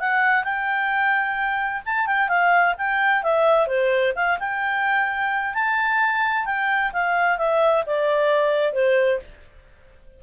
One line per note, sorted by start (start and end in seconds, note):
0.00 0.44 F#5
0.44 1.83 G5
1.86 2.07 A5
2.07 2.29 G5
2.29 2.75 F5
2.78 3.23 G5
3.23 3.67 E5
3.67 4.13 C5
4.16 4.39 F5
4.40 5.54 G5
5.54 6.46 A5
6.46 6.92 G5
6.93 7.38 F5
7.38 7.84 E5
7.87 8.74 D5
8.74 9.20 C5